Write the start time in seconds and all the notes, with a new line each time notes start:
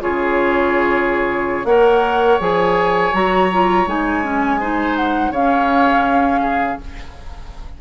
0.00 C#3 F4 G#4 C#5
1.64 A#3 A#4 C#5 F#5
2.39 F3 G#4 G#5
3.12 F#3 F#4 A#5
3.52 F4
3.86 G#3 D#4 G#5
4.23 C#4
4.60 D#4 C5
4.96 F#5
5.30 C#3 C#4 C#5 F5
6.41 G#4